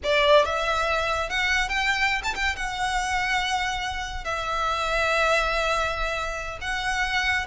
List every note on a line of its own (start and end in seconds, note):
0.03 0.45 D5
0.45 1.29 E5
1.29 1.68 F#5
1.68 2.22 G5
2.23 2.34 A5
2.34 2.56 G5
2.56 4.24 F#5
4.24 6.58 E5
6.61 7.46 F#5